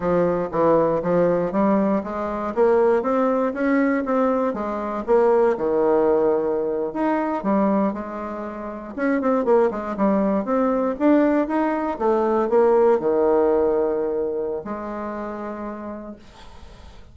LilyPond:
\new Staff \with { instrumentName = "bassoon" } { \time 4/4 \tempo 4 = 119 f4 e4 f4 g4 | gis4 ais4 c'4 cis'4 | c'4 gis4 ais4 dis4~ | dis4.~ dis16 dis'4 g4 gis16~ |
gis4.~ gis16 cis'8 c'8 ais8 gis8 g16~ | g8. c'4 d'4 dis'4 a16~ | a8. ais4 dis2~ dis16~ | dis4 gis2. | }